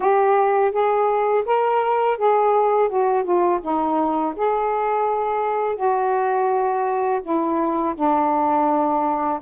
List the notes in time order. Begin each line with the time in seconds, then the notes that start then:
0.00 G4
0.71 G#4
1.45 A#4
2.17 G#4
2.88 F#4
3.24 F4
3.61 D#4
4.35 G#4
5.76 F#4
7.22 E4
7.95 D4